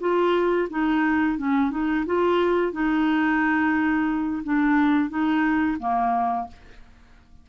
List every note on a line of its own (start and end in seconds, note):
0.00 0.68 F4
0.70 1.38 D#4
1.38 1.71 C#4
1.71 2.05 D#4
2.06 2.72 F4
2.72 4.43 D#4
4.43 5.09 D4
5.09 5.77 D#4
5.79 6.47 A#3